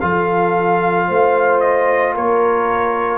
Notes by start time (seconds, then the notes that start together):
0.00 F3 F4 A4 F5
1.08 A3 C5
1.60 D#5
2.14 A#3 A#4 C#5